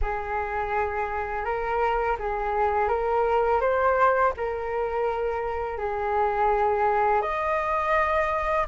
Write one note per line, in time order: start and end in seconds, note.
0.01 1.44 G#4
1.44 2.17 A#4
2.19 2.88 G#4
2.88 3.60 A#4
3.60 4.32 C5
4.36 5.78 A#4
5.78 7.21 G#4
7.21 8.66 D#5